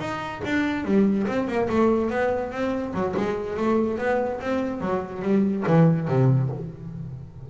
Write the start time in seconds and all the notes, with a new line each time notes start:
0.00 D#4
0.45 D4
0.85 G3
1.28 C4
1.48 A#3
1.70 A3
2.10 B3
2.52 C4
2.94 F#3
3.17 G#3
3.57 A3
3.98 B3
4.41 C4
4.81 F#3
5.22 G3
5.67 E3
6.08 C3